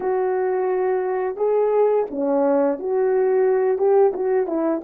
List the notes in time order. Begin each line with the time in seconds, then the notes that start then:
0.00 F#4
1.36 G#4
2.10 C#4
2.79 F#4
3.77 G4
4.13 F#4
4.46 E4